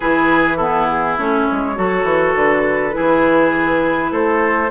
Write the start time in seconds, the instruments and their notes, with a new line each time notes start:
0.00 bassoon E3, clarinet E4, oboe G#4, flute B4
0.57 clarinet B3, oboe E4, flute A4
0.87 flute G#4
1.17 bassoon A3, clarinet C#4, flute C#5
1.51 bassoon G#3
1.75 bassoon F#3, clarinet F#4, oboe A4
2.03 bassoon E3
2.35 bassoon D3, flute B4
2.92 clarinet E4, oboe G#4
2.98 bassoon E3
4.11 bassoon A3, oboe A4, flute C5